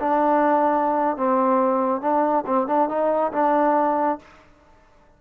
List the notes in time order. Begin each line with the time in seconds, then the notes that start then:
0.00 D4
1.17 C4
2.02 D4
2.47 C4
2.68 D4
2.89 D#4
3.33 D4